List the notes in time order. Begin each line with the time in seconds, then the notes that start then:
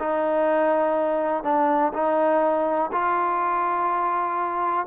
0.00 D#4
1.44 D4
1.94 D#4
2.92 F4